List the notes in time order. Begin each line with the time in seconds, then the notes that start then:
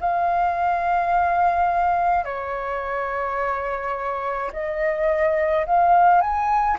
0.00 F5
2.24 C#5
4.52 D#5
5.66 F5
6.21 G#5